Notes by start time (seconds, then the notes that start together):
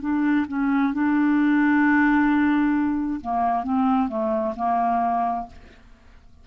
0.00 D4
0.47 C#4
0.93 D4
3.20 A#3
3.63 C4
4.08 A3
4.55 A#3